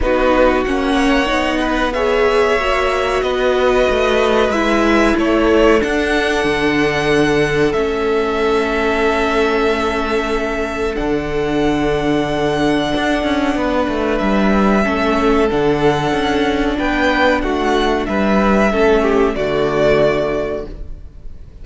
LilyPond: <<
  \new Staff \with { instrumentName = "violin" } { \time 4/4 \tempo 4 = 93 b'4 fis''2 e''4~ | e''4 dis''2 e''4 | cis''4 fis''2. | e''1~ |
e''4 fis''2.~ | fis''2 e''2 | fis''2 g''4 fis''4 | e''2 d''2 | }
  \new Staff \with { instrumentName = "violin" } { \time 4/4 fis'4. cis''4 b'8 cis''4~ | cis''4 b'2. | a'1~ | a'1~ |
a'1~ | a'4 b'2 a'4~ | a'2 b'4 fis'4 | b'4 a'8 g'8 fis'2 | }
  \new Staff \with { instrumentName = "viola" } { \time 4/4 dis'4 cis'4 dis'4 gis'4 | fis'2. e'4~ | e'4 d'2. | cis'1~ |
cis'4 d'2.~ | d'2. cis'4 | d'1~ | d'4 cis'4 a2 | }
  \new Staff \with { instrumentName = "cello" } { \time 4/4 b4 ais4 b2 | ais4 b4 a4 gis4 | a4 d'4 d2 | a1~ |
a4 d2. | d'8 cis'8 b8 a8 g4 a4 | d4 cis'4 b4 a4 | g4 a4 d2 | }
>>